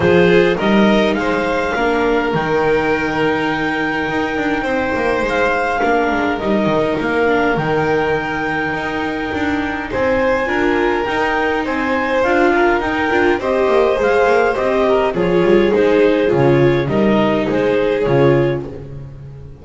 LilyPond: <<
  \new Staff \with { instrumentName = "clarinet" } { \time 4/4 \tempo 4 = 103 c''4 dis''4 f''2 | g''1~ | g''4 f''2 dis''4 | f''4 g''2.~ |
g''4 gis''2 g''4 | gis''4 f''4 g''4 dis''4 | f''4 dis''4 cis''4 c''4 | cis''4 dis''4 c''4 cis''4 | }
  \new Staff \with { instrumentName = "violin" } { \time 4/4 gis'4 ais'4 c''4 ais'4~ | ais'1 | c''2 ais'2~ | ais'1~ |
ais'4 c''4 ais'2 | c''4. ais'4. c''4~ | c''4. ais'8 gis'2~ | gis'4 ais'4 gis'2 | }
  \new Staff \with { instrumentName = "viola" } { \time 4/4 f'4 dis'2 d'4 | dis'1~ | dis'2 d'4 dis'4~ | dis'8 d'8 dis'2.~ |
dis'2 f'4 dis'4~ | dis'4 f'4 dis'8 f'8 g'4 | gis'4 g'4 f'4 dis'4 | f'4 dis'2 f'4 | }
  \new Staff \with { instrumentName = "double bass" } { \time 4/4 f4 g4 gis4 ais4 | dis2. dis'8 d'8 | c'8 ais8 gis4 ais8 gis8 g8 dis8 | ais4 dis2 dis'4 |
d'4 c'4 d'4 dis'4 | c'4 d'4 dis'8 d'8 c'8 ais8 | gis8 ais8 c'4 f8 g8 gis4 | cis4 g4 gis4 cis4 | }
>>